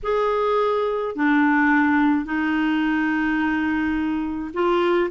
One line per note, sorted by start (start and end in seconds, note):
0.03 1.15 G#4
1.15 2.25 D4
2.25 4.51 D#4
4.53 5.10 F4